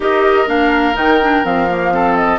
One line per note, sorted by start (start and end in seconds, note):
0.00 0.46 D#4
0.00 0.46 G4
0.00 1.93 A#4
0.00 0.48 D#5
0.46 0.95 A#3
0.46 0.94 D4
0.46 0.96 F5
0.94 1.43 D#3
0.94 1.18 D#4
0.94 1.45 G5
1.22 1.44 D4
1.44 2.39 F3
1.44 1.68 C4
1.44 2.16 F5
1.69 1.92 A#3
1.92 2.39 C4
1.92 2.39 A4
2.16 2.39 D#5